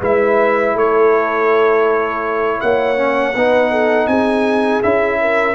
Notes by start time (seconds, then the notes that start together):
0.00 G#3 E4 B4 E5
0.74 A3 A4 C#5
2.60 A#3 C#5 F#5
2.96 C#4
3.35 B3 D#4 B4
3.71 A4
4.06 C4 G#4 G#5
4.82 C#4 E4 E5
5.21 A#4